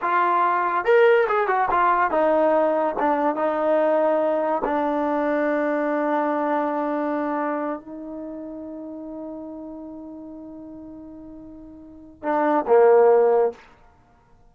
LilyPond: \new Staff \with { instrumentName = "trombone" } { \time 4/4 \tempo 4 = 142 f'2 ais'4 gis'8 fis'8 | f'4 dis'2 d'4 | dis'2. d'4~ | d'1~ |
d'2~ d'8 dis'4.~ | dis'1~ | dis'1~ | dis'4 d'4 ais2 | }